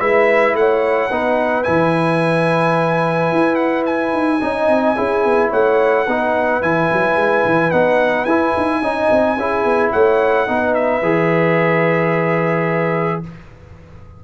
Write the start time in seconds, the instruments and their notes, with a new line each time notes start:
0.00 tuba G#3, trombone E4, horn B4, trumpet E5
0.54 tuba A3, horn C#5, trumpet F#5
1.10 tuba B3, trombone D#4, horn B4
1.63 tuba E3, trombone E4, trumpet G#5
3.32 tuba E4
3.56 trumpet F#5
3.86 trumpet G#5
4.13 tuba D#4
4.41 tuba C#4, trombone D#4, horn D#5
4.69 tuba C4
4.96 tuba C#4, trombone E4, horn G#4
5.24 tuba B3
5.50 tuba A3, horn C#5, trumpet F#5
6.06 tuba B3, trombone D#4, horn B4
6.62 tuba E3, trombone E4, trumpet G#5
6.93 tuba F#3
7.16 tuba G#3
7.45 tuba E3
7.71 tuba B3, trombone D#4, trumpet F#5
8.24 tuba E4, trombone E4, trumpet G#5
8.57 tuba D#4
8.82 tuba C#4, trombone D#4, horn D#5
9.11 tuba C4
9.37 tuba C#4, trombone E4, horn G#4
9.64 tuba B3
9.92 tuba A3, horn C#5, trumpet F#5
10.47 tuba B3, trombone D#4, horn B4
10.74 trumpet E5
11.02 tuba E3, trombone G#4